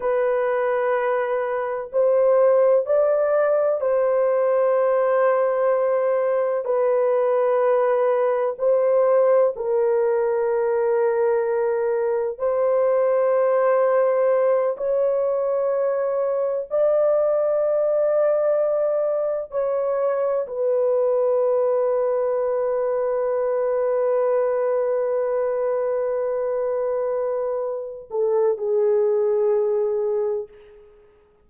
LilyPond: \new Staff \with { instrumentName = "horn" } { \time 4/4 \tempo 4 = 63 b'2 c''4 d''4 | c''2. b'4~ | b'4 c''4 ais'2~ | ais'4 c''2~ c''8 cis''8~ |
cis''4. d''2~ d''8~ | d''8 cis''4 b'2~ b'8~ | b'1~ | b'4. a'8 gis'2 | }